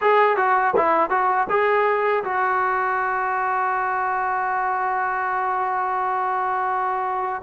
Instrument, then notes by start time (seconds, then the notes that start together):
trombone
0.01 G#4
0.37 F#4
0.76 E4
1.09 F#4
1.49 G#4
2.24 F#4